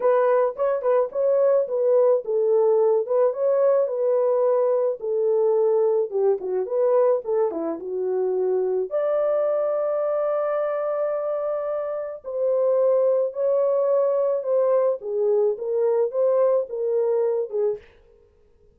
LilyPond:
\new Staff \with { instrumentName = "horn" } { \time 4/4 \tempo 4 = 108 b'4 cis''8 b'8 cis''4 b'4 | a'4. b'8 cis''4 b'4~ | b'4 a'2 g'8 fis'8 | b'4 a'8 e'8 fis'2 |
d''1~ | d''2 c''2 | cis''2 c''4 gis'4 | ais'4 c''4 ais'4. gis'8 | }